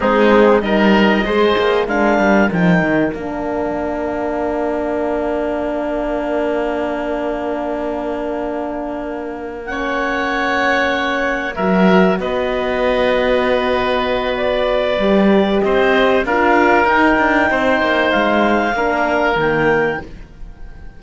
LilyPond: <<
  \new Staff \with { instrumentName = "clarinet" } { \time 4/4 \tempo 4 = 96 gis'4 dis''2 f''4 | g''4 f''2.~ | f''1~ | f''2.~ f''8 fis''8~ |
fis''2~ fis''8 e''4 dis''8~ | dis''2. d''4~ | d''4 dis''4 f''4 g''4~ | g''4 f''2 g''4 | }
  \new Staff \with { instrumentName = "oboe" } { \time 4/4 dis'4 ais'4 c''4 ais'4~ | ais'1~ | ais'1~ | ais'2.~ ais'8 cis''8~ |
cis''2~ cis''8 ais'4 b'8~ | b'1~ | b'4 c''4 ais'2 | c''2 ais'2 | }
  \new Staff \with { instrumentName = "horn" } { \time 4/4 c'4 dis'4 gis'4 d'4 | dis'4 d'2.~ | d'1~ | d'2.~ d'8 cis'8~ |
cis'2~ cis'8 fis'4.~ | fis'1 | g'2 f'4 dis'4~ | dis'2 d'4 ais4 | }
  \new Staff \with { instrumentName = "cello" } { \time 4/4 gis4 g4 gis8 ais8 gis8 g8 | f8 dis8 ais2.~ | ais1~ | ais1~ |
ais2~ ais8 fis4 b8~ | b1 | g4 c'4 d'4 dis'8 d'8 | c'8 ais8 gis4 ais4 dis4 | }
>>